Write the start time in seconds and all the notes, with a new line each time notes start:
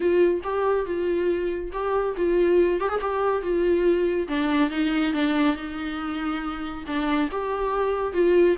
0.00 F4
0.43 G4
0.85 F4
1.72 G4
2.16 F4
2.80 G4
2.89 G#4
3.00 G4
3.41 F4
4.28 D4
4.70 D#4
5.13 D4
5.56 D#4
6.86 D4
7.31 G4
8.13 F4